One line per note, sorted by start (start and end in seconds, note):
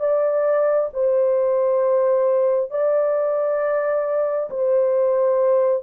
0.00 0.90 D5
0.94 2.71 C5
2.71 4.50 D5
4.51 5.83 C5